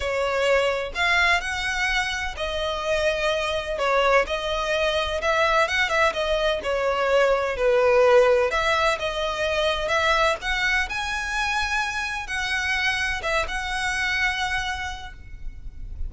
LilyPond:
\new Staff \with { instrumentName = "violin" } { \time 4/4 \tempo 4 = 127 cis''2 f''4 fis''4~ | fis''4 dis''2. | cis''4 dis''2 e''4 | fis''8 e''8 dis''4 cis''2 |
b'2 e''4 dis''4~ | dis''4 e''4 fis''4 gis''4~ | gis''2 fis''2 | e''8 fis''2.~ fis''8 | }